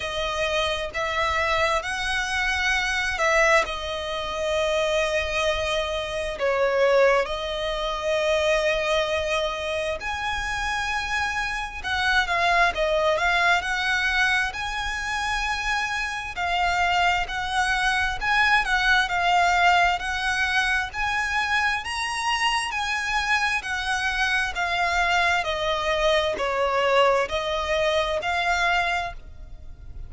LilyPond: \new Staff \with { instrumentName = "violin" } { \time 4/4 \tempo 4 = 66 dis''4 e''4 fis''4. e''8 | dis''2. cis''4 | dis''2. gis''4~ | gis''4 fis''8 f''8 dis''8 f''8 fis''4 |
gis''2 f''4 fis''4 | gis''8 fis''8 f''4 fis''4 gis''4 | ais''4 gis''4 fis''4 f''4 | dis''4 cis''4 dis''4 f''4 | }